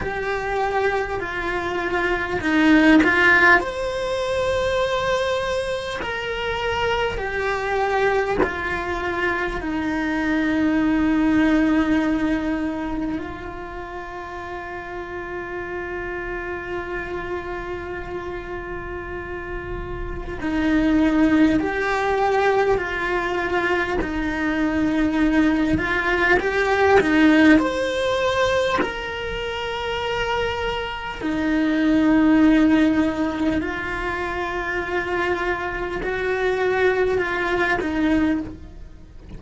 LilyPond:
\new Staff \with { instrumentName = "cello" } { \time 4/4 \tempo 4 = 50 g'4 f'4 dis'8 f'8 c''4~ | c''4 ais'4 g'4 f'4 | dis'2. f'4~ | f'1~ |
f'4 dis'4 g'4 f'4 | dis'4. f'8 g'8 dis'8 c''4 | ais'2 dis'2 | f'2 fis'4 f'8 dis'8 | }